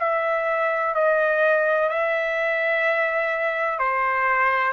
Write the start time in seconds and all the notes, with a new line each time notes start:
0.00 E5
0.95 D#5
1.90 E5
3.80 C5